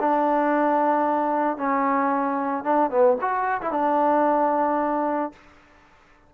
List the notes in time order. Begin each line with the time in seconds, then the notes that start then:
0.00 D4
1.57 C#4
2.64 D4
2.91 B3
3.21 F#4
3.62 E4
3.72 D4